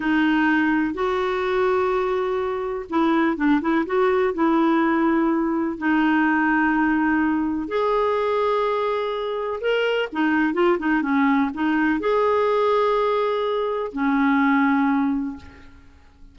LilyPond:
\new Staff \with { instrumentName = "clarinet" } { \time 4/4 \tempo 4 = 125 dis'2 fis'2~ | fis'2 e'4 d'8 e'8 | fis'4 e'2. | dis'1 |
gis'1 | ais'4 dis'4 f'8 dis'8 cis'4 | dis'4 gis'2.~ | gis'4 cis'2. | }